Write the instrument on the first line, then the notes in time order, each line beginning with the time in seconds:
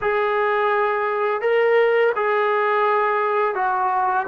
trombone
0.01 G#4
1.41 A#4
2.15 G#4
3.55 F#4